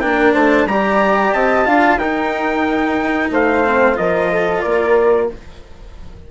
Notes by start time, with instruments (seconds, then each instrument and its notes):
0.00 bassoon A#3, cello D4, flute A#4, trumpet G5
0.34 bassoon A3, flute C5, trumpet A5
0.66 bassoon G3, cello G4, flute D5, trumpet A#5
1.33 bassoon C4, flute D#5, trumpet A5
1.65 bassoon D4, cello F4, flute F5
1.98 bassoon D#4, cello D#4, flute A#4, trumpet G5
3.31 bassoon A3, flute C5, trumpet F5
3.65 cello C4
3.95 bassoon F3, cello F4, flute A#4, trumpet D#5
4.31 flute A4
4.62 bassoon A#3, flute A#4, trumpet D5